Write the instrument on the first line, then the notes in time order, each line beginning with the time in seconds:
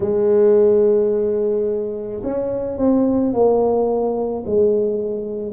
tuba
0.00 G#3
2.23 C#4
2.77 C4
3.33 A#3
4.45 G#3